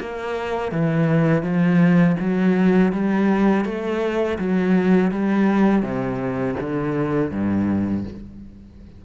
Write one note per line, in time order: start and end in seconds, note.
0.00 0.72 A#3
0.72 1.43 E3
1.43 2.16 F3
2.20 2.92 F#3
2.92 3.65 G3
3.65 4.38 A3
4.38 5.11 F#3
5.11 5.82 G3
5.82 6.56 C3
6.60 7.31 D3
7.31 8.04 G2